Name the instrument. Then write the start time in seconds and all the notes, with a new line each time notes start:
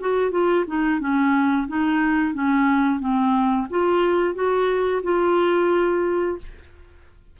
clarinet
0.00 F#4
0.31 F4
0.66 D#4
0.99 C#4
1.67 D#4
2.33 C#4
2.99 C4
3.70 F4
4.34 F#4
5.03 F4